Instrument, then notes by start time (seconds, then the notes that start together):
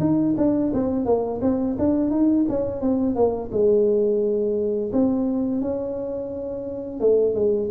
tuba
0.00 D#4
0.38 D4
0.74 C4
1.06 A#3
1.42 C4
1.79 D4
2.11 D#4
2.49 C#4
2.81 C4
3.16 A#3
3.52 G#3
4.93 C4
5.62 C#4
7.00 A3
7.35 G#3